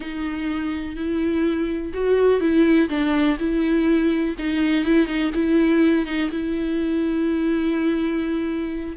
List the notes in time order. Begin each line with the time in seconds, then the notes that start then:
0.00 D#4
0.96 E4
1.93 F#4
2.40 E4
2.89 D4
3.39 E4
4.38 D#4
4.85 E4
5.06 D#4
5.34 E4
6.05 D#4
6.30 E4